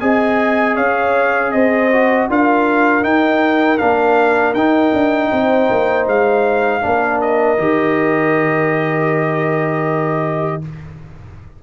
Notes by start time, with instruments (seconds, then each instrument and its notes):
0.00 tuba C4, trombone G#4, horn D#5, trumpet G#5
0.76 tuba C#4, horn C#5, trumpet F5
1.52 tuba C4, horn C5, trumpet D#5
1.93 trombone F#4
2.30 tuba D4, trombone F4, horn A#4, trumpet F5
3.02 trombone D#4, tuba D#4, trumpet G5
3.78 tuba A#3, trombone D4, trumpet F5
4.54 tuba D#4, trombone D#4, trumpet G5
4.94 tuba D4
5.32 tuba C4, horn C5
5.71 tuba A#3
6.07 tuba G#3, trumpet F5
6.82 tuba A#3, trombone D4, horn A#4
7.21 trumpet D#5
7.58 tuba D#3, trombone G4